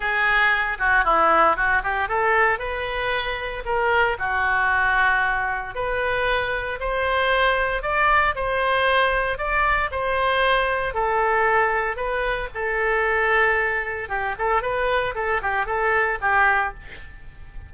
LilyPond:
\new Staff \with { instrumentName = "oboe" } { \time 4/4 \tempo 4 = 115 gis'4. fis'8 e'4 fis'8 g'8 | a'4 b'2 ais'4 | fis'2. b'4~ | b'4 c''2 d''4 |
c''2 d''4 c''4~ | c''4 a'2 b'4 | a'2. g'8 a'8 | b'4 a'8 g'8 a'4 g'4 | }